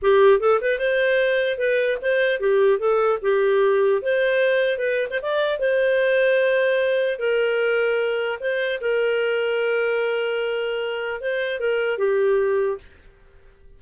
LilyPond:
\new Staff \with { instrumentName = "clarinet" } { \time 4/4 \tempo 4 = 150 g'4 a'8 b'8 c''2 | b'4 c''4 g'4 a'4 | g'2 c''2 | b'8. c''16 d''4 c''2~ |
c''2 ais'2~ | ais'4 c''4 ais'2~ | ais'1 | c''4 ais'4 g'2 | }